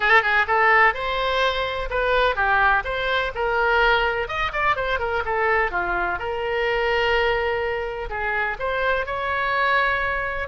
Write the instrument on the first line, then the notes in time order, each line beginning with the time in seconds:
oboe
0.00 A4
0.22 G#4
0.47 A4
0.94 C5
1.90 B4
2.35 G4
2.84 C5
3.34 A#4
4.27 D#5
4.52 D5
4.76 C5
4.99 A#4
5.25 A4
5.71 F4
6.18 A#4
8.09 G#4
8.59 C5
9.06 C#5